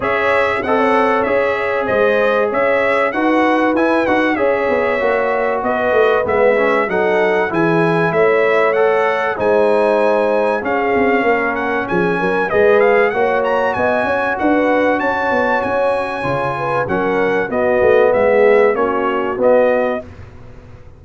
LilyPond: <<
  \new Staff \with { instrumentName = "trumpet" } { \time 4/4 \tempo 4 = 96 e''4 fis''4 e''4 dis''4 | e''4 fis''4 gis''8 fis''8 e''4~ | e''4 dis''4 e''4 fis''4 | gis''4 e''4 fis''4 gis''4~ |
gis''4 f''4. fis''8 gis''4 | dis''8 f''8 fis''8 ais''8 gis''4 fis''4 | a''4 gis''2 fis''4 | dis''4 e''4 cis''4 dis''4 | }
  \new Staff \with { instrumentName = "horn" } { \time 4/4 cis''4 dis''16 cis''4.~ cis''16 c''4 | cis''4 b'2 cis''4~ | cis''4 b'2 a'4 | gis'4 cis''2 c''4~ |
c''4 gis'4 ais'4 gis'8 ais'8 | b'4 cis''4 dis''8 cis''8 b'4 | cis''2~ cis''8 b'8 ais'4 | fis'4 gis'4 fis'2 | }
  \new Staff \with { instrumentName = "trombone" } { \time 4/4 gis'4 a'4 gis'2~ | gis'4 fis'4 e'8 fis'8 gis'4 | fis'2 b8 cis'8 dis'4 | e'2 a'4 dis'4~ |
dis'4 cis'2. | gis'4 fis'2.~ | fis'2 f'4 cis'4 | b2 cis'4 b4 | }
  \new Staff \with { instrumentName = "tuba" } { \time 4/4 cis'4 c'4 cis'4 gis4 | cis'4 dis'4 e'8 dis'8 cis'8 b8 | ais4 b8 a8 gis4 fis4 | e4 a2 gis4~ |
gis4 cis'8 c'8 ais4 f8 fis8 | gis4 ais4 b8 cis'8 d'4 | cis'8 b8 cis'4 cis4 fis4 | b8 a8 gis4 ais4 b4 | }
>>